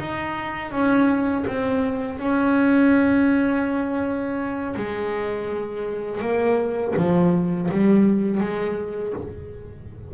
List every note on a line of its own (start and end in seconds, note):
0.00 0.72 D#4
0.72 1.45 C#4
1.47 2.20 C4
2.20 4.76 C#4
4.77 6.21 G#3
6.21 6.94 A#3
6.97 7.70 F3
7.71 8.40 G3
8.40 9.14 G#3